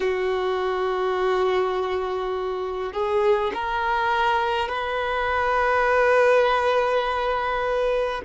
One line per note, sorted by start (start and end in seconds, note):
0.00 2.93 F#4
2.93 3.51 G#4
3.53 4.68 A#4
4.68 8.21 B4